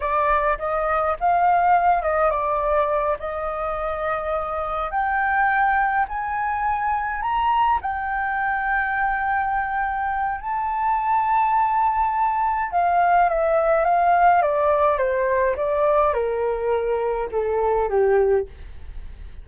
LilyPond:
\new Staff \with { instrumentName = "flute" } { \time 4/4 \tempo 4 = 104 d''4 dis''4 f''4. dis''8 | d''4. dis''2~ dis''8~ | dis''8 g''2 gis''4.~ | gis''8 ais''4 g''2~ g''8~ |
g''2 a''2~ | a''2 f''4 e''4 | f''4 d''4 c''4 d''4 | ais'2 a'4 g'4 | }